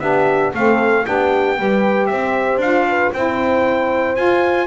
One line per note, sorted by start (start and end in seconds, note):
0.00 0.53 B3
0.00 0.53 D4
0.00 0.53 G4
0.00 0.52 E5
0.53 1.06 A3
0.53 1.05 C4
0.53 1.04 A4
0.53 1.06 F5
1.05 1.59 B3
1.05 1.57 D4
1.05 1.58 G4
1.05 2.07 G5
1.58 2.11 G3
1.58 2.61 G4
1.58 2.10 B4
2.07 2.57 C4
2.07 2.88 C5
2.07 2.58 E5
2.57 3.09 D4
2.57 3.14 F4
2.57 3.13 F5
2.89 3.14 B4
3.13 4.17 C4
3.13 4.16 E4
3.13 4.67 C5
3.13 4.16 G5
4.16 4.67 F4
4.16 4.67 G#5